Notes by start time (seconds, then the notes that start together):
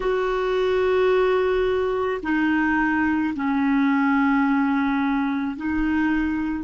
0.00 F#4
2.22 D#4
3.35 C#4
5.56 D#4